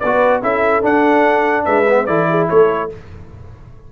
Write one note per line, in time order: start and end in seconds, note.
0.00 0.43 B3
0.00 0.43 F#4
0.00 0.42 B4
0.00 0.41 D5
0.42 0.84 C#4
0.42 0.82 E4
0.42 1.65 A4
0.42 0.85 E5
0.82 1.85 D4
0.82 1.67 D4
0.82 1.65 F#5
1.65 2.08 G#3
1.65 2.06 B4
1.65 2.06 E5
1.89 2.08 B3
2.06 2.49 E3
2.06 2.90 E4
2.06 2.28 A4
2.06 2.48 D5
2.30 2.50 G#4
2.50 2.92 A3
2.50 2.91 A4
2.50 2.91 C#5